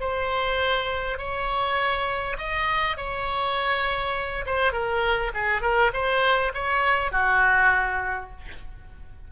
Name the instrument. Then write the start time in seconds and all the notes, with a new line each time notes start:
oboe
0.00 C5
1.18 C#5
2.38 D#5
2.97 C#5
4.46 C5
4.72 A#4
5.34 G#4
5.62 A#4
5.93 C5
6.54 C#5
7.12 F#4